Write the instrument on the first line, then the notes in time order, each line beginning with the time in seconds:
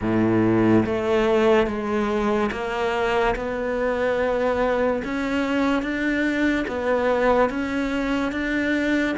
cello
0.01 A2
0.85 A3
1.67 G#3
2.52 A#3
3.35 B3
5.04 C#4
5.82 D4
6.67 B3
7.49 C#4
8.32 D4